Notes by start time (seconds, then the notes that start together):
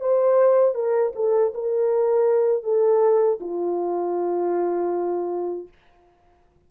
0.00 C5
0.75 A#4
1.15 A4
1.54 A#4
2.63 A4
3.40 F4